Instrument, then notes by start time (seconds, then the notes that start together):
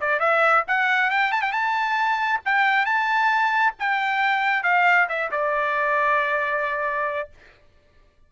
trumpet
0.00 D5
0.19 E5
0.67 F#5
1.10 G5
1.32 A5
1.41 G5
1.52 A5
2.45 G5
2.85 A5
3.79 G5
4.63 F5
5.09 E5
5.31 D5